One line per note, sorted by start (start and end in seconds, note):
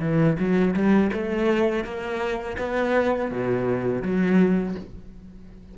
0.00 0.37 E3
0.40 0.74 F#3
0.74 1.11 G3
1.13 1.84 A3
1.84 2.57 A#3
2.58 3.31 B3
3.31 4.02 B2
4.02 4.75 F#3